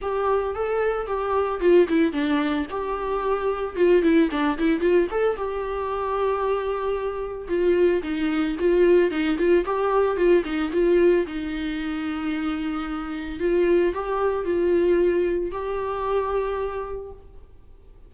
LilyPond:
\new Staff \with { instrumentName = "viola" } { \time 4/4 \tempo 4 = 112 g'4 a'4 g'4 f'8 e'8 | d'4 g'2 f'8 e'8 | d'8 e'8 f'8 a'8 g'2~ | g'2 f'4 dis'4 |
f'4 dis'8 f'8 g'4 f'8 dis'8 | f'4 dis'2.~ | dis'4 f'4 g'4 f'4~ | f'4 g'2. | }